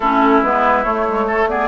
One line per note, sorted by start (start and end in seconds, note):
0.00 0.43 A3
0.00 0.45 C#4
0.00 1.25 E4
0.00 0.41 A4
0.43 0.84 G#3
0.43 0.84 B3
0.43 0.83 B4
0.83 1.06 A3
0.83 1.68 A3
0.83 1.47 C#5
1.08 1.28 G#3
1.27 1.49 A3
1.27 1.48 A4
1.48 1.68 B3
1.48 1.68 G#4
1.48 1.68 D5